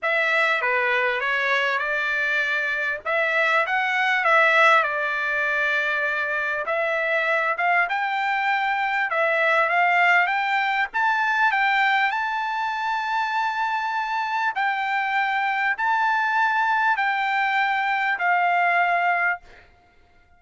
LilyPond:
\new Staff \with { instrumentName = "trumpet" } { \time 4/4 \tempo 4 = 99 e''4 b'4 cis''4 d''4~ | d''4 e''4 fis''4 e''4 | d''2. e''4~ | e''8 f''8 g''2 e''4 |
f''4 g''4 a''4 g''4 | a''1 | g''2 a''2 | g''2 f''2 | }